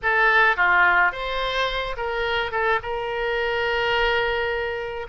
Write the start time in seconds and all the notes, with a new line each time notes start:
0.02 A4
0.56 F4
1.11 C5
1.96 A#4
2.51 A4
2.82 A#4